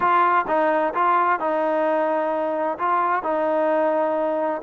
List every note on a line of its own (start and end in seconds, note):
0.00 0.45 F4
0.47 0.93 D#4
0.94 1.39 F4
1.39 2.78 D#4
2.78 3.23 F4
3.23 4.61 D#4